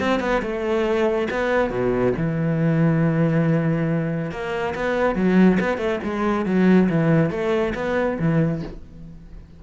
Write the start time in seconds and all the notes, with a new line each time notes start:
0.00 C4
0.20 B3
0.42 A3
1.31 B3
1.70 B2
2.17 E3
4.31 A#3
4.75 B3
5.15 F#3
5.60 B3
5.78 A3
6.04 G#3
6.46 F#3
6.89 E3
7.31 A3
7.75 B3
8.19 E3